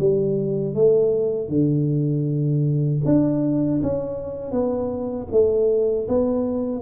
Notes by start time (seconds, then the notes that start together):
0.00 G3
0.75 A3
1.49 D3
3.06 D4
3.83 C#4
4.52 B3
5.32 A3
6.09 B3